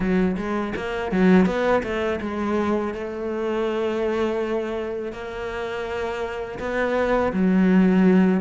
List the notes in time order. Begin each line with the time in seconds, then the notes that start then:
0.00 F#3
0.37 G#3
0.75 A#3
1.11 F#3
1.45 B3
1.83 A3
2.21 G#3
2.94 A3
5.12 A#3
6.59 B3
7.32 F#3